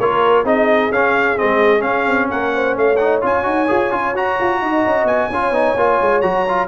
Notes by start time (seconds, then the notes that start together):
0.00 A#3 F4 A#4 C#5
0.45 C4 D#4 G#4 D#5
0.91 C#4 F5
1.37 G#3 C4 D#5
1.80 C#4 F5
2.07 C4
2.30 A#3 A#4 F#5
2.55 C5
2.77 A3 C#5 F5
2.97 D#4 F#5
3.22 C#4 F4 G#5
3.44 D#4 F#4
3.68 F4 G#4
3.91 C#4 F4
4.13 F#4 A#5
4.40 F4
4.62 D#4 D#5
4.86 C#4
5.04 B3 G#5
5.30 C#4 F4 C#5
5.51 B3 D#4
5.75 A#3 F4
6.01 G#3
6.22 F#3 F#4 A#5
6.49 F4